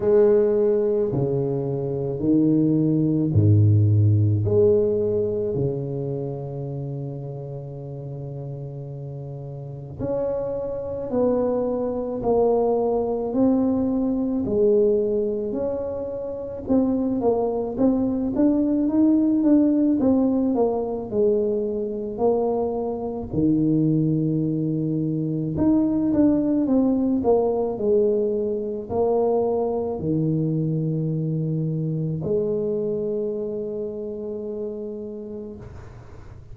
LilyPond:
\new Staff \with { instrumentName = "tuba" } { \time 4/4 \tempo 4 = 54 gis4 cis4 dis4 gis,4 | gis4 cis2.~ | cis4 cis'4 b4 ais4 | c'4 gis4 cis'4 c'8 ais8 |
c'8 d'8 dis'8 d'8 c'8 ais8 gis4 | ais4 dis2 dis'8 d'8 | c'8 ais8 gis4 ais4 dis4~ | dis4 gis2. | }